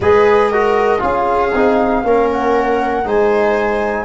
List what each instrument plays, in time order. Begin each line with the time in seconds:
0.00 tuba G#3, trombone G#4, viola B4, flute D#5
0.50 trombone F#4, viola A#4
0.99 tuba C#4, trombone F4, viola G#4, flute F5
1.54 tuba C4, trombone D#4
2.03 tuba A#3, trombone C#4, viola A#4
2.31 flute F#5
3.04 tuba G#3, trombone D#4, viola C5, flute G#5